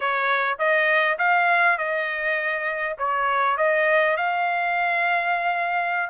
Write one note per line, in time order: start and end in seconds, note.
0.00 0.58 C#5
0.58 1.18 D#5
1.18 1.77 F5
1.77 2.96 D#5
2.98 3.57 C#5
3.57 4.16 D#5
4.16 6.09 F5